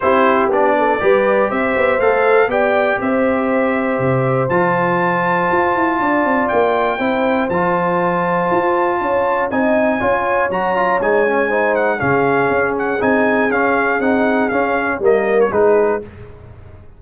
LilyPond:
<<
  \new Staff \with { instrumentName = "trumpet" } { \time 4/4 \tempo 4 = 120 c''4 d''2 e''4 | f''4 g''4 e''2~ | e''4 a''2.~ | a''4 g''2 a''4~ |
a''2. gis''4~ | gis''4 ais''4 gis''4. fis''8 | f''4. fis''8 gis''4 f''4 | fis''4 f''4 dis''8. cis''16 b'4 | }
  \new Staff \with { instrumentName = "horn" } { \time 4/4 g'4. a'8 b'4 c''4~ | c''4 d''4 c''2~ | c''1 | d''2 c''2~ |
c''2 cis''4 dis''4 | cis''2. c''4 | gis'1~ | gis'2 ais'4 gis'4 | }
  \new Staff \with { instrumentName = "trombone" } { \time 4/4 e'4 d'4 g'2 | a'4 g'2.~ | g'4 f'2.~ | f'2 e'4 f'4~ |
f'2. dis'4 | f'4 fis'8 f'8 dis'8 cis'8 dis'4 | cis'2 dis'4 cis'4 | dis'4 cis'4 ais4 dis'4 | }
  \new Staff \with { instrumentName = "tuba" } { \time 4/4 c'4 b4 g4 c'8 b8 | a4 b4 c'2 | c4 f2 f'8 e'8 | d'8 c'8 ais4 c'4 f4~ |
f4 f'4 cis'4 c'4 | cis'4 fis4 gis2 | cis4 cis'4 c'4 cis'4 | c'4 cis'4 g4 gis4 | }
>>